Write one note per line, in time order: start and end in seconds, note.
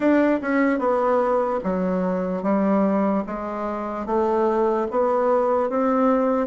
0.00 0.40 D4
0.41 0.79 C#4
0.79 1.60 B3
1.63 2.43 F#3
2.43 3.24 G3
3.26 4.05 G#3
4.05 4.86 A3
4.91 5.69 B3
5.69 6.46 C4